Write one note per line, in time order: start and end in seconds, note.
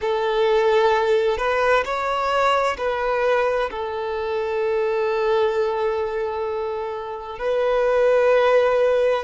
0.01 1.37 A4
1.37 1.83 B4
1.84 2.77 C#5
2.77 3.69 B4
3.70 7.38 A4
7.38 9.23 B4